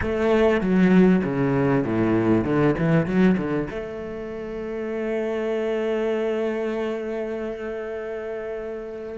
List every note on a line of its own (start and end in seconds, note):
0.01 0.61 A3
0.61 1.22 F#3
1.24 1.84 C#3
1.84 2.44 A2
2.44 2.75 D3
2.78 3.06 E3
3.06 3.36 F#3
3.37 3.68 D3
3.70 9.18 A3